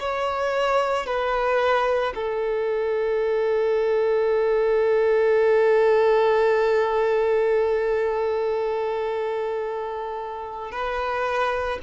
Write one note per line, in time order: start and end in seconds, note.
0.00 1.06 C#5
1.06 2.13 B4
2.15 10.71 A4
10.71 11.79 B4